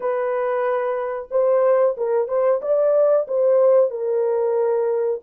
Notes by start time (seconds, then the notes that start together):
0.00 B4
1.30 C5
1.97 A#4
2.28 C5
2.61 D5
3.27 C5
3.90 A#4